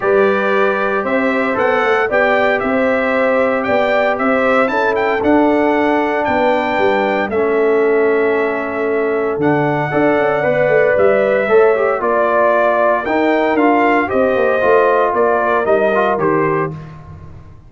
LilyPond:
<<
  \new Staff \with { instrumentName = "trumpet" } { \time 4/4 \tempo 4 = 115 d''2 e''4 fis''4 | g''4 e''2 g''4 | e''4 a''8 g''8 fis''2 | g''2 e''2~ |
e''2 fis''2~ | fis''4 e''2 d''4~ | d''4 g''4 f''4 dis''4~ | dis''4 d''4 dis''4 c''4 | }
  \new Staff \with { instrumentName = "horn" } { \time 4/4 b'2 c''2 | d''4 c''2 d''4 | c''4 a'2. | b'2 a'2~ |
a'2. d''4~ | d''2 cis''4 d''4~ | d''4 ais'2 c''4~ | c''4 ais'2. | }
  \new Staff \with { instrumentName = "trombone" } { \time 4/4 g'2. a'4 | g'1~ | g'4 e'4 d'2~ | d'2 cis'2~ |
cis'2 d'4 a'4 | b'2 a'8 g'8 f'4~ | f'4 dis'4 f'4 g'4 | f'2 dis'8 f'8 g'4 | }
  \new Staff \with { instrumentName = "tuba" } { \time 4/4 g2 c'4 b8 a8 | b4 c'2 b4 | c'4 cis'4 d'2 | b4 g4 a2~ |
a2 d4 d'8 cis'8 | b8 a8 g4 a4 ais4~ | ais4 dis'4 d'4 c'8 ais8 | a4 ais4 g4 dis4 | }
>>